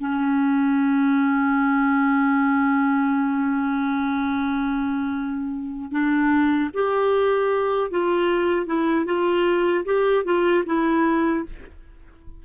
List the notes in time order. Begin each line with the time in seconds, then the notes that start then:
0.00 C#4
5.91 D4
6.74 G4
7.91 F4
8.67 E4
9.06 F4
9.85 G4
10.25 F4
10.66 E4